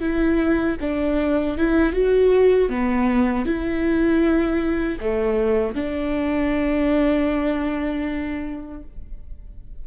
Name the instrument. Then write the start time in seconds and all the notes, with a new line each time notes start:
viola
0.00 E4
0.80 D4
1.58 E4
1.93 F#4
2.69 B3
3.45 E4
5.00 A3
5.75 D4